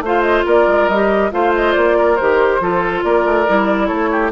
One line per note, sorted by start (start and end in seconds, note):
0.00 0.43 A3
0.00 0.91 F4
0.00 0.45 C5
0.06 0.21 F5
0.21 0.43 D#5
0.45 0.67 A#3
0.45 1.31 A#4
0.45 0.88 D5
0.67 0.88 G#3
0.88 1.31 G3
0.88 1.31 G4
0.88 1.31 D#5
1.31 1.75 A3
1.31 2.16 F4
1.31 1.97 C5
1.31 1.53 F5
1.55 1.72 D#5
1.72 2.19 A#3
1.72 2.15 D5
1.97 2.61 A#4
2.15 2.60 D#3
2.15 2.61 G4
2.15 3.01 C5
2.60 3.02 F3
2.60 3.47 F4
2.60 3.04 A4
3.03 3.25 A#3
3.03 3.87 A#4
3.03 3.87 D5
3.25 3.46 A3
3.47 3.90 G3
3.47 4.31 E4
3.87 4.31 A3
3.87 4.09 A4
3.87 4.30 C#5
4.11 4.31 G4